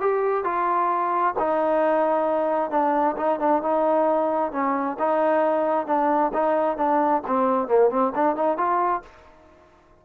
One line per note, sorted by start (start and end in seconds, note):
0.00 0.44 G4
0.44 1.34 F4
1.38 2.70 D#4
2.70 3.16 D4
3.17 3.39 D#4
3.39 3.62 D4
3.62 4.52 D#4
4.52 4.97 C#4
4.99 5.87 D#4
5.87 6.32 D4
6.33 6.77 D#4
6.77 7.22 D4
7.27 7.68 C4
7.68 7.90 A#3
7.90 8.13 C4
8.15 8.35 D4
8.35 8.57 D#4
8.57 9.02 F4